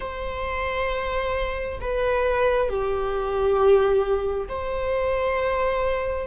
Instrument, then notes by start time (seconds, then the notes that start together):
viola
0.00 C5
1.80 B4
2.69 G4
4.48 C5